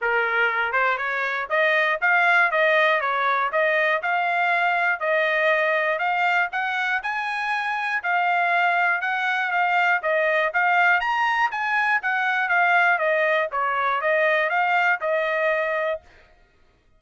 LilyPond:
\new Staff \with { instrumentName = "trumpet" } { \time 4/4 \tempo 4 = 120 ais'4. c''8 cis''4 dis''4 | f''4 dis''4 cis''4 dis''4 | f''2 dis''2 | f''4 fis''4 gis''2 |
f''2 fis''4 f''4 | dis''4 f''4 ais''4 gis''4 | fis''4 f''4 dis''4 cis''4 | dis''4 f''4 dis''2 | }